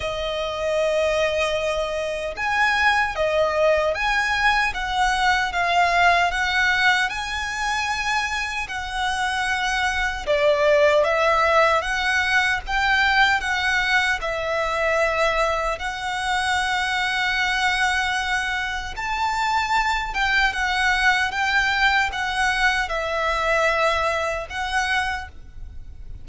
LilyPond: \new Staff \with { instrumentName = "violin" } { \time 4/4 \tempo 4 = 76 dis''2. gis''4 | dis''4 gis''4 fis''4 f''4 | fis''4 gis''2 fis''4~ | fis''4 d''4 e''4 fis''4 |
g''4 fis''4 e''2 | fis''1 | a''4. g''8 fis''4 g''4 | fis''4 e''2 fis''4 | }